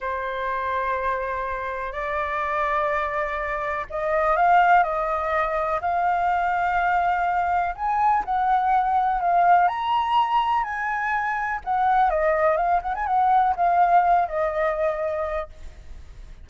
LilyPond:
\new Staff \with { instrumentName = "flute" } { \time 4/4 \tempo 4 = 124 c''1 | d''1 | dis''4 f''4 dis''2 | f''1 |
gis''4 fis''2 f''4 | ais''2 gis''2 | fis''4 dis''4 f''8 fis''16 gis''16 fis''4 | f''4. dis''2~ dis''8 | }